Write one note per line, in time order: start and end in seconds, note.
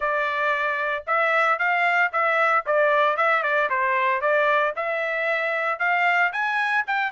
0.00 1.04 D5
1.06 1.58 E5
1.58 2.11 F5
2.12 2.65 E5
2.66 3.16 D5
3.16 3.43 E5
3.43 3.69 D5
3.69 4.21 C5
4.21 4.73 D5
4.75 5.79 E5
5.79 6.32 F5
6.32 6.84 G#5
6.86 7.11 G5